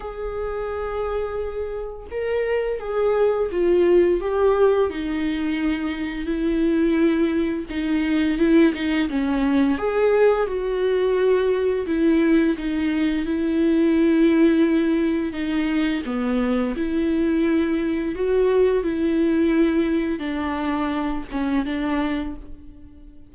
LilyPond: \new Staff \with { instrumentName = "viola" } { \time 4/4 \tempo 4 = 86 gis'2. ais'4 | gis'4 f'4 g'4 dis'4~ | dis'4 e'2 dis'4 | e'8 dis'8 cis'4 gis'4 fis'4~ |
fis'4 e'4 dis'4 e'4~ | e'2 dis'4 b4 | e'2 fis'4 e'4~ | e'4 d'4. cis'8 d'4 | }